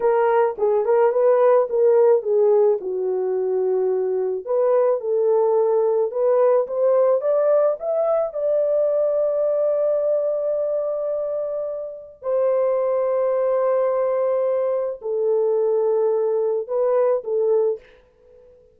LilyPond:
\new Staff \with { instrumentName = "horn" } { \time 4/4 \tempo 4 = 108 ais'4 gis'8 ais'8 b'4 ais'4 | gis'4 fis'2. | b'4 a'2 b'4 | c''4 d''4 e''4 d''4~ |
d''1~ | d''2 c''2~ | c''2. a'4~ | a'2 b'4 a'4 | }